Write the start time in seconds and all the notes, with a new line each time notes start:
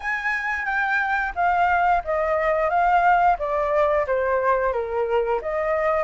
0.00 G#5
0.65 G5
1.35 F5
2.04 D#5
2.69 F5
3.38 D5
4.06 C5
4.73 A#4
5.41 D#5